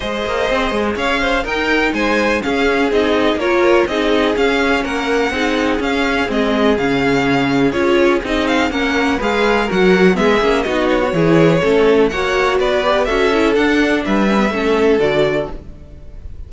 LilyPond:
<<
  \new Staff \with { instrumentName = "violin" } { \time 4/4 \tempo 4 = 124 dis''2 f''4 g''4 | gis''4 f''4 dis''4 cis''4 | dis''4 f''4 fis''2 | f''4 dis''4 f''2 |
cis''4 dis''8 f''8 fis''4 f''4 | fis''4 e''4 dis''8 cis''4.~ | cis''4 fis''4 d''4 e''4 | fis''4 e''2 d''4 | }
  \new Staff \with { instrumentName = "violin" } { \time 4/4 c''2 cis''8 c''8 ais'4 | c''4 gis'2 ais'4 | gis'2 ais'4 gis'4~ | gis'1~ |
gis'2 ais'4 b'4 | ais'4 gis'4 fis'4 gis'4 | a'4 cis''4 b'4 a'4~ | a'4 b'4 a'2 | }
  \new Staff \with { instrumentName = "viola" } { \time 4/4 gis'2. dis'4~ | dis'4 cis'4 dis'4 f'4 | dis'4 cis'2 dis'4 | cis'4 c'4 cis'2 |
f'4 dis'4 cis'4 gis'4 | fis'4 b8 cis'8 dis'8. fis'16 e'4 | cis'4 fis'4. g'8 fis'8 e'8 | d'4. cis'16 b16 cis'4 fis'4 | }
  \new Staff \with { instrumentName = "cello" } { \time 4/4 gis8 ais8 c'8 gis8 cis'4 dis'4 | gis4 cis'4 c'4 ais4 | c'4 cis'4 ais4 c'4 | cis'4 gis4 cis2 |
cis'4 c'4 ais4 gis4 | fis4 gis8 ais8 b4 e4 | a4 ais4 b4 cis'4 | d'4 g4 a4 d4 | }
>>